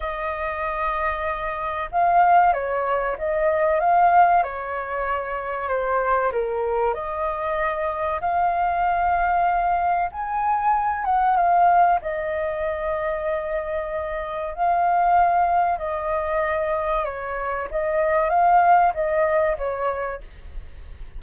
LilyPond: \new Staff \with { instrumentName = "flute" } { \time 4/4 \tempo 4 = 95 dis''2. f''4 | cis''4 dis''4 f''4 cis''4~ | cis''4 c''4 ais'4 dis''4~ | dis''4 f''2. |
gis''4. fis''8 f''4 dis''4~ | dis''2. f''4~ | f''4 dis''2 cis''4 | dis''4 f''4 dis''4 cis''4 | }